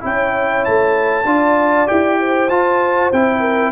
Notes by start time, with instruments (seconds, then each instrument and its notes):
0.00 tuba C#4, trombone E4, horn C#5, trumpet G5
0.65 tuba A3, trumpet A5
1.25 tuba D4, trombone F4, horn D5
1.87 tuba E4, trombone G4, trumpet G5
2.19 horn C5
2.49 tuba F4, trombone F4, trumpet A5
3.12 tuba C4, trombone E4, trumpet G5
3.39 horn A#4